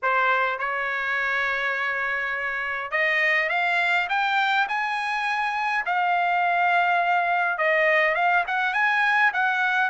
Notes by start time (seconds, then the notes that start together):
0.02 C5
0.58 C#5
2.91 D#5
3.49 F5
4.09 G5
4.68 G#5
5.85 F5
7.57 D#5
8.14 F5
8.47 F#5
8.73 G#5
9.33 F#5